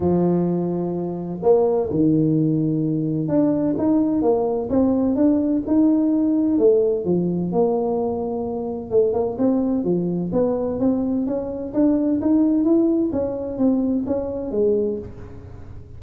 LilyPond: \new Staff \with { instrumentName = "tuba" } { \time 4/4 \tempo 4 = 128 f2. ais4 | dis2. d'4 | dis'4 ais4 c'4 d'4 | dis'2 a4 f4 |
ais2. a8 ais8 | c'4 f4 b4 c'4 | cis'4 d'4 dis'4 e'4 | cis'4 c'4 cis'4 gis4 | }